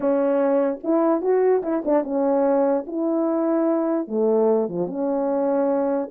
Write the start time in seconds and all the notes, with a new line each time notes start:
0.00 C#4
0.83 E4
1.21 F#4
1.62 E4
1.84 D4
2.03 C#4
2.86 E4
4.07 A3
4.68 F3
4.87 C#4